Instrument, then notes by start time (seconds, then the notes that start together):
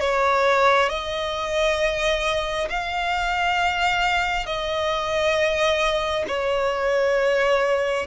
violin
0.00 C#5
0.89 D#5
2.70 F5
4.46 D#5
6.28 C#5